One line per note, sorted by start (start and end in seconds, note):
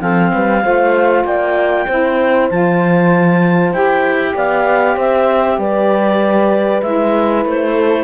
0.00 0.32 F3
0.00 0.62 C4
0.00 0.32 A4
0.00 1.24 F5
0.34 0.64 G3
0.34 0.64 B4
0.62 1.24 A3
0.62 1.86 F4
0.62 1.25 C5
1.24 1.86 A#3
1.24 1.87 D5
1.24 2.49 G5
1.87 2.50 C4
1.87 2.51 E4
1.87 4.34 C5
2.50 3.73 F3
2.50 3.74 F4
2.50 3.73 A5
3.73 4.35 E4
3.73 6.83 G4
3.73 4.35 G5
4.34 4.96 B3
4.34 4.95 D5
4.34 4.98 F5
4.95 5.58 C4
4.95 5.57 C5
4.95 5.60 E5
5.58 6.81 G3
5.58 7.74 B4
5.58 6.82 D5
6.82 7.45 G#3
6.82 8.03 E4
6.82 7.44 E5
7.45 8.03 A3
7.45 8.03 C5
7.74 8.03 A4